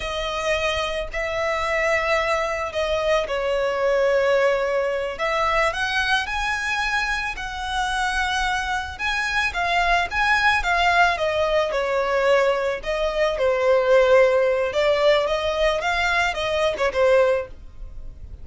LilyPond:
\new Staff \with { instrumentName = "violin" } { \time 4/4 \tempo 4 = 110 dis''2 e''2~ | e''4 dis''4 cis''2~ | cis''4. e''4 fis''4 gis''8~ | gis''4. fis''2~ fis''8~ |
fis''8 gis''4 f''4 gis''4 f''8~ | f''8 dis''4 cis''2 dis''8~ | dis''8 c''2~ c''8 d''4 | dis''4 f''4 dis''8. cis''16 c''4 | }